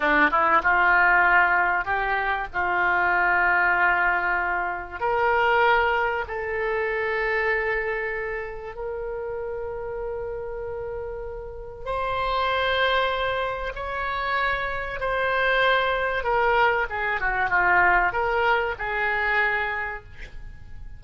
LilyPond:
\new Staff \with { instrumentName = "oboe" } { \time 4/4 \tempo 4 = 96 d'8 e'8 f'2 g'4 | f'1 | ais'2 a'2~ | a'2 ais'2~ |
ais'2. c''4~ | c''2 cis''2 | c''2 ais'4 gis'8 fis'8 | f'4 ais'4 gis'2 | }